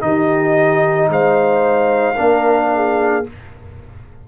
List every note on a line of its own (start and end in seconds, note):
0.00 1.08 D#3
0.00 2.14 D#4
0.00 1.11 G4
0.00 1.08 D#5
1.08 2.16 G#3
1.08 2.15 C5
1.08 3.26 F5
2.15 3.26 A#3
2.15 3.24 D4
2.15 2.68 A#4
2.74 3.28 G#4